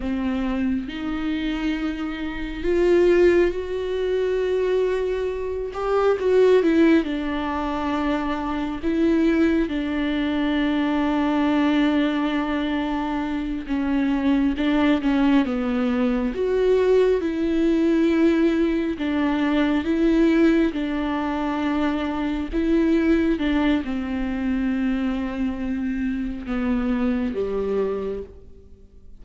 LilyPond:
\new Staff \with { instrumentName = "viola" } { \time 4/4 \tempo 4 = 68 c'4 dis'2 f'4 | fis'2~ fis'8 g'8 fis'8 e'8 | d'2 e'4 d'4~ | d'2.~ d'8 cis'8~ |
cis'8 d'8 cis'8 b4 fis'4 e'8~ | e'4. d'4 e'4 d'8~ | d'4. e'4 d'8 c'4~ | c'2 b4 g4 | }